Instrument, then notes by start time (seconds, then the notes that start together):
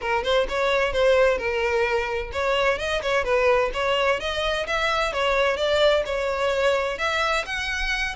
violin
0.01 A#4
0.23 C5
0.48 C#5
0.92 C5
1.38 A#4
2.32 C#5
2.78 D#5
3.02 C#5
3.24 B4
3.73 C#5
4.20 D#5
4.66 E5
5.12 C#5
5.56 D5
6.05 C#5
6.98 E5
7.45 F#5